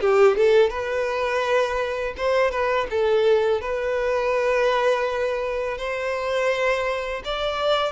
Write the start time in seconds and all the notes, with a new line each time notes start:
0.00 G4
0.36 A4
0.69 B4
2.17 C5
2.50 B4
2.90 A4
3.60 B4
5.77 C5
7.24 D5